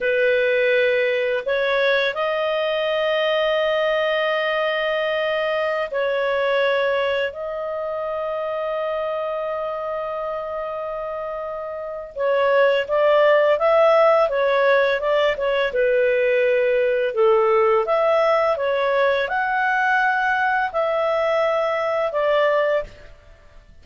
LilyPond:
\new Staff \with { instrumentName = "clarinet" } { \time 4/4 \tempo 4 = 84 b'2 cis''4 dis''4~ | dis''1~ | dis''16 cis''2 dis''4.~ dis''16~ | dis''1~ |
dis''4 cis''4 d''4 e''4 | cis''4 d''8 cis''8 b'2 | a'4 e''4 cis''4 fis''4~ | fis''4 e''2 d''4 | }